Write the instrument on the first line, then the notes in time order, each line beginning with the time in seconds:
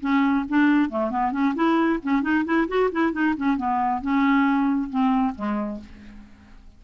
clarinet
0.00 C#4
0.48 D4
0.89 A3
1.10 B3
1.31 C#4
1.54 E4
2.02 C#4
2.22 D#4
2.45 E4
2.67 F#4
2.91 E4
3.12 D#4
3.37 C#4
3.57 B3
4.01 C#4
4.89 C4
5.35 G#3